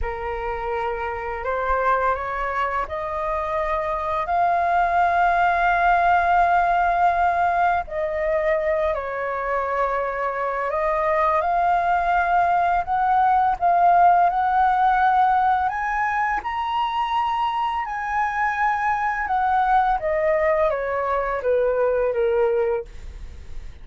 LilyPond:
\new Staff \with { instrumentName = "flute" } { \time 4/4 \tempo 4 = 84 ais'2 c''4 cis''4 | dis''2 f''2~ | f''2. dis''4~ | dis''8 cis''2~ cis''8 dis''4 |
f''2 fis''4 f''4 | fis''2 gis''4 ais''4~ | ais''4 gis''2 fis''4 | dis''4 cis''4 b'4 ais'4 | }